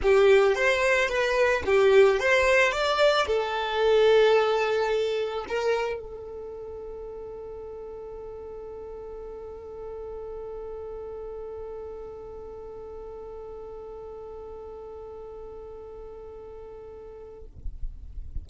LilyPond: \new Staff \with { instrumentName = "violin" } { \time 4/4 \tempo 4 = 110 g'4 c''4 b'4 g'4 | c''4 d''4 a'2~ | a'2 ais'4 a'4~ | a'1~ |
a'1~ | a'1~ | a'1~ | a'1 | }